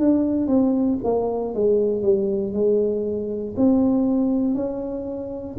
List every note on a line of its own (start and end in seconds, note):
0.00 0.48 D4
0.48 0.98 C4
1.04 1.55 A#3
1.55 2.02 G#3
2.02 2.53 G3
2.54 3.55 G#3
3.57 4.55 C4
4.55 5.57 C#4